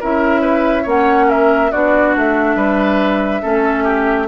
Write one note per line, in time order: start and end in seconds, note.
0.00 0.86 C#4
0.00 0.85 E4
0.00 0.41 A#4
0.00 0.88 E5
0.41 0.82 B4
0.82 1.71 A#3
0.82 1.71 C#4
0.82 1.25 C#5
0.82 1.30 F#5
1.28 1.71 A#4
1.28 1.72 E5
1.71 2.15 B3
1.71 3.42 D4
1.71 2.56 F#4
1.71 2.14 D5
2.15 2.55 A3
2.15 4.28 E5
2.55 3.41 G3
2.55 3.42 B4
3.42 4.28 A3
3.42 4.28 C#4
3.42 3.83 A4
3.83 4.26 G4